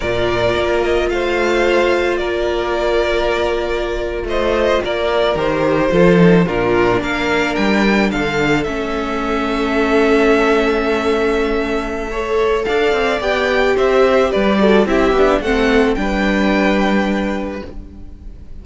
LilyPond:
<<
  \new Staff \with { instrumentName = "violin" } { \time 4/4 \tempo 4 = 109 d''4. dis''8 f''2 | d''2.~ d''8. dis''16~ | dis''8. d''4 c''2 ais'16~ | ais'8. f''4 g''4 f''4 e''16~ |
e''1~ | e''2. f''4 | g''4 e''4 d''4 e''4 | fis''4 g''2. | }
  \new Staff \with { instrumentName = "violin" } { \time 4/4 ais'2 c''2 | ais'2.~ ais'8. c''16~ | c''8. ais'2 a'4 f'16~ | f'8. ais'2 a'4~ a'16~ |
a'1~ | a'2 cis''4 d''4~ | d''4 c''4 b'8 a'8 g'4 | a'4 b'2. | }
  \new Staff \with { instrumentName = "viola" } { \time 4/4 f'1~ | f'1~ | f'4.~ f'16 g'4 f'8 dis'8 d'16~ | d'2.~ d'8. cis'16~ |
cis'1~ | cis'2 a'2 | g'2~ g'8 fis'8 e'8 d'8 | c'4 d'2. | }
  \new Staff \with { instrumentName = "cello" } { \time 4/4 ais,4 ais4 a2 | ais2.~ ais8. a16~ | a8. ais4 dis4 f4 ais,16~ | ais,8. ais4 g4 d4 a16~ |
a1~ | a2. d'8 c'8 | b4 c'4 g4 c'8 b8 | a4 g2. | }
>>